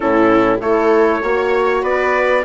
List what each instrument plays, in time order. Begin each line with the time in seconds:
0.00 bassoon A2, horn C#4, viola E4, trumpet A4
0.60 bassoon A3, horn E4, viola A4, trumpet C#5
1.22 bassoon A#3, horn F#4, viola C#5
1.82 bassoon B3, viola B4, trumpet D5